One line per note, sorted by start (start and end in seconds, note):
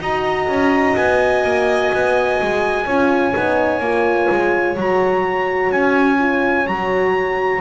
0.00 0.48 D#4
0.00 2.86 F#4
0.00 2.85 D#5
0.00 0.96 A#5
0.48 0.95 C#4
0.96 1.44 B3
0.96 4.77 G#5
1.44 1.91 A#3
1.94 2.41 B3
2.42 2.86 G#3
2.85 3.34 C#4
2.85 3.34 F4
2.85 7.61 C#5
3.34 3.80 B3
3.34 3.81 D#4
3.80 4.28 A#3
3.80 4.78 F4
4.30 4.77 G#3
4.77 5.71 F#3
4.77 6.19 F#4
4.77 5.72 A#5
5.71 6.66 C#4
5.71 6.67 G#5
6.19 6.66 F4
6.66 7.61 F#3
6.66 7.61 F#4
6.66 7.61 A#5